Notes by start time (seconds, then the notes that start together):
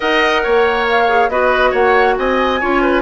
0.00 D#4 A#4 D#5 F#5
0.43 A#3 C#5
0.88 F5
1.07 G#4
1.29 B3 F#4 B4 D#5
1.70 A#3 C#5 F#5
2.17 C4 D#5 G#5
2.60 C#4 F4 C#5
2.82 B4